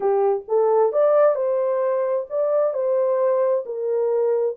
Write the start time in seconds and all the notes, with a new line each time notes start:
0.00 G4
0.48 A4
0.92 D5
1.35 C5
2.29 D5
2.73 C5
3.65 A#4